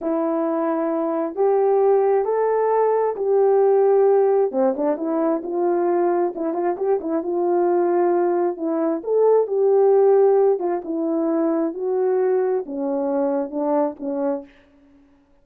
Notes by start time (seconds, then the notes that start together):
0.01 E4
1.35 G4
2.24 A4
3.16 G4
4.51 C4
4.76 D4
4.96 E4
5.43 F4
6.35 E4
6.53 F4
6.76 G4
7.00 E4
7.22 F4
8.57 E4
9.03 A4
9.47 G4
10.59 F4
10.84 E4
11.74 F#4
12.66 C#4
13.50 D4
13.99 C#4